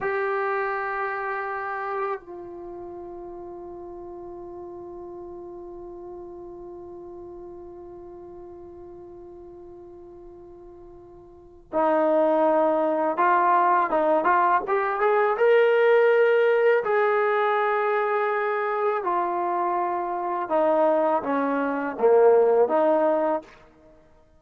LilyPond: \new Staff \with { instrumentName = "trombone" } { \time 4/4 \tempo 4 = 82 g'2. f'4~ | f'1~ | f'1~ | f'1 |
dis'2 f'4 dis'8 f'8 | g'8 gis'8 ais'2 gis'4~ | gis'2 f'2 | dis'4 cis'4 ais4 dis'4 | }